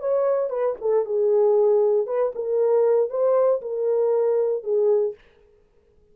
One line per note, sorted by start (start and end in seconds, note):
0.00 0.50 C#5
0.50 0.76 B4
0.81 1.05 A4
1.05 2.07 G#4
2.07 2.32 B4
2.35 3.10 A#4
3.10 3.61 C5
3.62 4.63 A#4
4.63 5.15 G#4